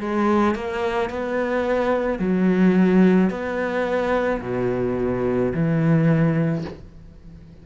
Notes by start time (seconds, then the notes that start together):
0.00 G#3
0.55 A#3
1.10 B3
2.19 F#3
3.30 B3
4.42 B2
5.54 E3